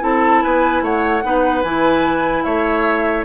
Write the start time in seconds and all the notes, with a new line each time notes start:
0.00 C4 E4 A4 A5
0.43 B3 B4 G#5
0.82 A3 C#5 F#5
1.23 B3 D#4 B4
1.63 E3 E4 G#5
2.43 A3 C#5 E5